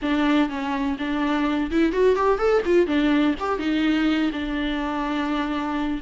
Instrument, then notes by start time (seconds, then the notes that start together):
viola
0.02 D4
0.49 C#4
0.98 D4
1.70 E4
1.92 F#4
2.15 G4
2.38 A4
2.65 F4
2.86 D4
3.39 G4
3.58 D#4
4.32 D4